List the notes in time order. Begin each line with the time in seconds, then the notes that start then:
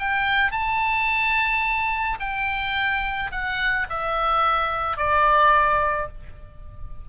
0.00 G5
0.52 A5
2.20 G5
3.32 F#5
3.90 E5
4.97 D5